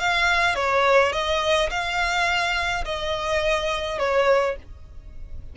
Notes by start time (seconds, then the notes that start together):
0.00 F5
0.55 C#5
1.12 D#5
1.70 F5
2.85 D#5
3.99 C#5